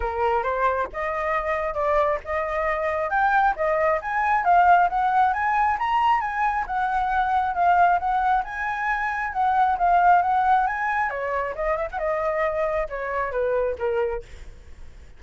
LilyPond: \new Staff \with { instrumentName = "flute" } { \time 4/4 \tempo 4 = 135 ais'4 c''4 dis''2 | d''4 dis''2 g''4 | dis''4 gis''4 f''4 fis''4 | gis''4 ais''4 gis''4 fis''4~ |
fis''4 f''4 fis''4 gis''4~ | gis''4 fis''4 f''4 fis''4 | gis''4 cis''4 dis''8 e''16 fis''16 dis''4~ | dis''4 cis''4 b'4 ais'4 | }